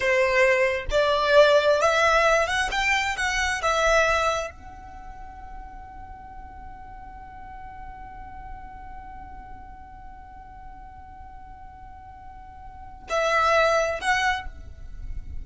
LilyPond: \new Staff \with { instrumentName = "violin" } { \time 4/4 \tempo 4 = 133 c''2 d''2 | e''4. fis''8 g''4 fis''4 | e''2 fis''2~ | fis''1~ |
fis''1~ | fis''1~ | fis''1~ | fis''4 e''2 fis''4 | }